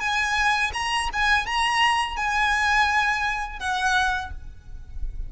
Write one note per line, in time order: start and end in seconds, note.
0.00 0.71 G#5
0.73 1.09 A#5
1.13 1.46 G#5
1.46 2.17 A#5
2.17 3.59 G#5
3.59 4.31 F#5